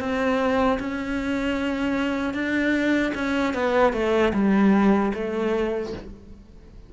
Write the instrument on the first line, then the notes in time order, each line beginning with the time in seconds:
cello
0.00 C4
0.80 C#4
2.34 D4
3.15 C#4
3.54 B3
3.94 A3
4.34 G3
5.15 A3